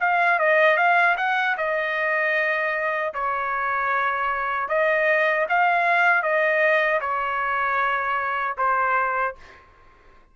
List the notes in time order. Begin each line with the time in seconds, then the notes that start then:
0.00 F5
0.39 D#5
0.77 F5
1.17 F#5
1.57 D#5
3.13 C#5
4.69 D#5
5.49 F5
6.22 D#5
7.01 C#5
8.57 C5